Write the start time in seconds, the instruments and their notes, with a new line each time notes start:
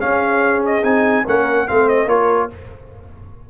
0.00 trombone C#4, tuba C#4, horn G#4, trumpet F5
0.66 trumpet D#5
0.83 tuba C4, trombone D#4, trumpet G#5
1.25 tuba A#3, trombone C#4, horn A#4, trumpet F#5
1.67 tuba A3, trombone C4, horn C5, trumpet F5
1.89 trumpet D#5
2.07 tuba A#3, trombone F4, horn A#4, trumpet C#5